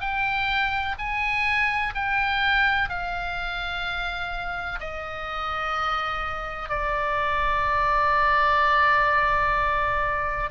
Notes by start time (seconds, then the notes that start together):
0.00 G5
0.98 G#5
1.94 G5
2.89 F5
4.80 D#5
6.69 D5